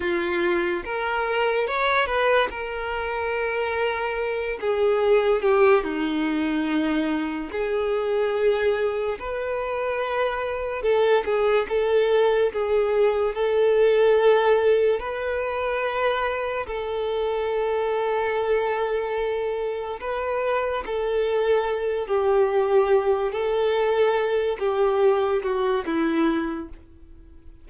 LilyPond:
\new Staff \with { instrumentName = "violin" } { \time 4/4 \tempo 4 = 72 f'4 ais'4 cis''8 b'8 ais'4~ | ais'4. gis'4 g'8 dis'4~ | dis'4 gis'2 b'4~ | b'4 a'8 gis'8 a'4 gis'4 |
a'2 b'2 | a'1 | b'4 a'4. g'4. | a'4. g'4 fis'8 e'4 | }